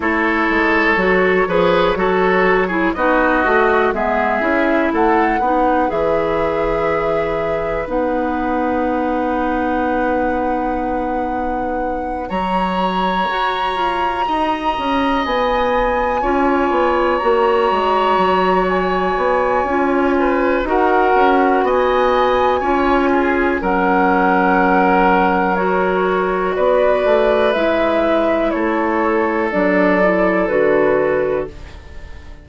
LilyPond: <<
  \new Staff \with { instrumentName = "flute" } { \time 4/4 \tempo 4 = 61 cis''2. dis''4 | e''4 fis''4 e''2 | fis''1~ | fis''8 ais''2. gis''8~ |
gis''4. ais''4. gis''4~ | gis''4 fis''4 gis''2 | fis''2 cis''4 d''4 | e''4 cis''4 d''4 b'4 | }
  \new Staff \with { instrumentName = "oboe" } { \time 4/4 a'4. b'8 a'8. gis'16 fis'4 | gis'4 a'8 b'2~ b'8~ | b'1~ | b'8 cis''2 dis''4.~ |
dis''8 cis''2.~ cis''8~ | cis''8 b'8 ais'4 dis''4 cis''8 gis'8 | ais'2. b'4~ | b'4 a'2. | }
  \new Staff \with { instrumentName = "clarinet" } { \time 4/4 e'4 fis'8 gis'8 fis'8. e'16 dis'8 fis'8 | b8 e'4 dis'8 gis'2 | dis'1~ | dis'8 fis'2.~ fis'8~ |
fis'8 f'4 fis'2~ fis'8 | f'4 fis'2 f'4 | cis'2 fis'2 | e'2 d'8 e'8 fis'4 | }
  \new Staff \with { instrumentName = "bassoon" } { \time 4/4 a8 gis8 fis8 f8 fis4 b8 a8 | gis8 cis'8 a8 b8 e2 | b1~ | b8 fis4 fis'8 f'8 dis'8 cis'8 b8~ |
b8 cis'8 b8 ais8 gis8 fis4 b8 | cis'4 dis'8 cis'8 b4 cis'4 | fis2. b8 a8 | gis4 a4 fis4 d4 | }
>>